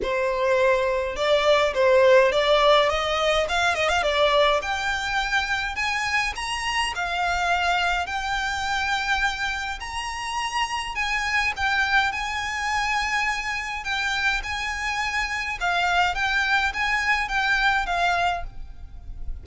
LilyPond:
\new Staff \with { instrumentName = "violin" } { \time 4/4 \tempo 4 = 104 c''2 d''4 c''4 | d''4 dis''4 f''8 dis''16 f''16 d''4 | g''2 gis''4 ais''4 | f''2 g''2~ |
g''4 ais''2 gis''4 | g''4 gis''2. | g''4 gis''2 f''4 | g''4 gis''4 g''4 f''4 | }